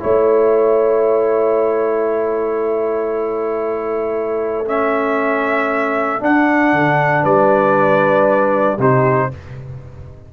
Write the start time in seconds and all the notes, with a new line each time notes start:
0.00 A3 E4 C#5
2.08 A4
4.66 C#4 E5
6.20 D4 F#5
6.73 D3
7.23 G3 B4 D5
8.79 C3 D#4 G4 C5